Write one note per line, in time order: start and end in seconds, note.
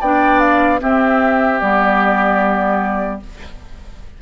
0.00 0.81 B3
0.00 0.79 D4
0.00 0.80 D5
0.00 0.39 G5
0.39 0.79 F5
0.79 1.59 C4
0.79 1.62 C4
0.79 3.21 G4
0.79 1.60 E5
1.60 3.22 G3
1.60 3.20 B3
1.60 3.20 D5